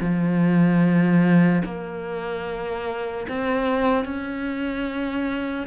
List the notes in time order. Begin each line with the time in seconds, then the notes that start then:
0.00 F3
1.64 A#3
3.28 C4
4.04 C#4